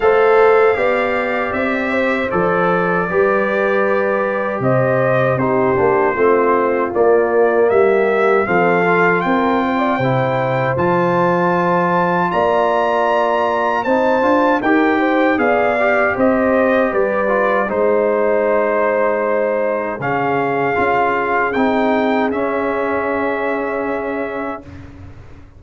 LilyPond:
<<
  \new Staff \with { instrumentName = "trumpet" } { \time 4/4 \tempo 4 = 78 f''2 e''4 d''4~ | d''2 dis''4 c''4~ | c''4 d''4 e''4 f''4 | g''2 a''2 |
ais''2 a''4 g''4 | f''4 dis''4 d''4 c''4~ | c''2 f''2 | g''4 e''2. | }
  \new Staff \with { instrumentName = "horn" } { \time 4/4 c''4 d''4. c''4. | b'2 c''4 g'4 | f'2 g'4 a'4 | ais'8 c''16 d''16 c''2. |
d''2 c''4 ais'8 c''8 | d''4 c''4 b'4 c''4~ | c''2 gis'2~ | gis'1 | }
  \new Staff \with { instrumentName = "trombone" } { \time 4/4 a'4 g'2 a'4 | g'2. dis'8 d'8 | c'4 ais2 c'8 f'8~ | f'4 e'4 f'2~ |
f'2 dis'8 f'8 g'4 | gis'8 g'2 f'8 dis'4~ | dis'2 cis'4 f'4 | dis'4 cis'2. | }
  \new Staff \with { instrumentName = "tuba" } { \time 4/4 a4 b4 c'4 f4 | g2 c4 c'8 ais8 | a4 ais4 g4 f4 | c'4 c4 f2 |
ais2 c'8 d'8 dis'4 | b4 c'4 g4 gis4~ | gis2 cis4 cis'4 | c'4 cis'2. | }
>>